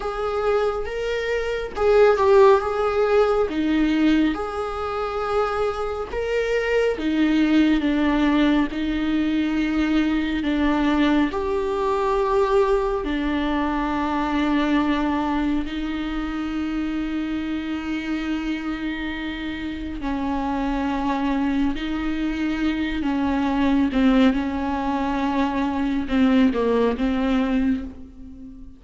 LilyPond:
\new Staff \with { instrumentName = "viola" } { \time 4/4 \tempo 4 = 69 gis'4 ais'4 gis'8 g'8 gis'4 | dis'4 gis'2 ais'4 | dis'4 d'4 dis'2 | d'4 g'2 d'4~ |
d'2 dis'2~ | dis'2. cis'4~ | cis'4 dis'4. cis'4 c'8 | cis'2 c'8 ais8 c'4 | }